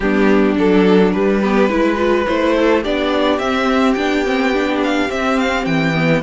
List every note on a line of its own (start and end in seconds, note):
0.00 0.56 G3
0.00 0.55 B3
0.00 1.41 D4
0.00 0.55 G4
0.55 1.14 F#3
0.55 1.12 D4
0.55 1.12 A4
1.12 1.42 G3
1.12 1.69 G3
1.12 2.25 B4
1.41 1.69 B3
1.41 1.69 G4
1.69 2.26 G#3
1.69 1.96 E4
1.69 2.55 B4
1.96 2.25 F4
2.26 2.85 A3
2.26 2.84 E4
2.26 2.83 C5
2.56 2.81 A4
2.81 3.38 B3
2.81 3.40 D4
2.81 6.21 G4
2.81 3.38 D5
3.38 3.95 C4
3.38 3.96 C4
3.38 3.93 E5
3.93 5.09 B3
3.93 4.25 D4
3.93 4.78 G5
4.25 4.53 C4
4.53 5.08 D4
4.83 5.10 F5
5.08 5.93 C4
5.08 5.66 C4
5.08 5.38 E5
5.38 5.65 F5
5.65 6.22 E3
5.65 6.22 G5
5.93 6.22 B3